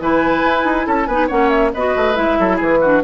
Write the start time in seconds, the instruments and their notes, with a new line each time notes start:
0.00 bassoon E3, clarinet E4, oboe B4, flute G#5
0.44 bassoon E4
0.64 bassoon D#4
0.86 bassoon C#4, oboe A4, flute A5
1.06 bassoon B3, clarinet D#4, oboe B4, flute G#5
1.27 bassoon A#3, clarinet C#4, oboe C#5, flute F#5
1.49 flute E5
1.74 bassoon B3, clarinet F#4, oboe B4, flute D#5
1.96 bassoon A3
2.14 bassoon G#3, clarinet E4, flute E5
2.39 bassoon F#3, oboe A4
2.56 bassoon E3, oboe G#4, flute B4
2.80 clarinet D4, oboe F#4